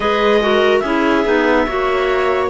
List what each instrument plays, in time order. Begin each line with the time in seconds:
0.00 cello G#3, clarinet G#4 D#5, viola B4
0.41 clarinet F#4, viola A#4
0.79 cello C#4, clarinet E4 E5, viola G#4
1.24 cello B3, clarinet D#4
1.66 cello A#3, clarinet F#4, viola C#5